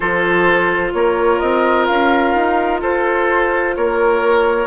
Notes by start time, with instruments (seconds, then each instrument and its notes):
0.00 bassoon F3, clarinet F4, oboe A4, flute C5
0.93 bassoon A#3, oboe A#4, flute C#5
1.39 bassoon C4, flute D#5
1.86 bassoon C#4, flute F5
2.35 bassoon D#4
2.81 bassoon F4, oboe A4, flute C5
3.76 bassoon A#3, oboe A#4, flute C#5